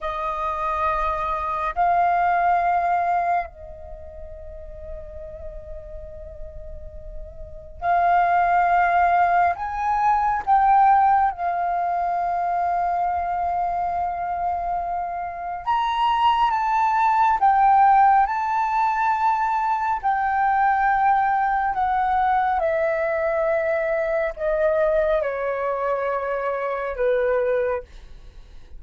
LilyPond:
\new Staff \with { instrumentName = "flute" } { \time 4/4 \tempo 4 = 69 dis''2 f''2 | dis''1~ | dis''4 f''2 gis''4 | g''4 f''2.~ |
f''2 ais''4 a''4 | g''4 a''2 g''4~ | g''4 fis''4 e''2 | dis''4 cis''2 b'4 | }